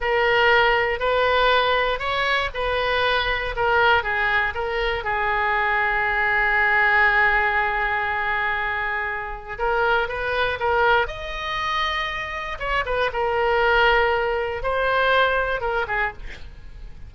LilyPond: \new Staff \with { instrumentName = "oboe" } { \time 4/4 \tempo 4 = 119 ais'2 b'2 | cis''4 b'2 ais'4 | gis'4 ais'4 gis'2~ | gis'1~ |
gis'2. ais'4 | b'4 ais'4 dis''2~ | dis''4 cis''8 b'8 ais'2~ | ais'4 c''2 ais'8 gis'8 | }